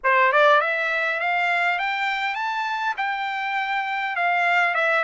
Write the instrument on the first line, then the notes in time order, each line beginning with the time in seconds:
trumpet
0.03 C5
0.32 D5
0.60 E5
1.19 F5
1.78 G5
2.34 A5
2.97 G5
4.16 F5
4.74 E5